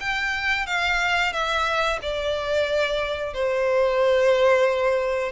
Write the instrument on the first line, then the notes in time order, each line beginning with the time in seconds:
violin
0.00 G5
0.66 F5
1.33 E5
2.02 D5
3.34 C5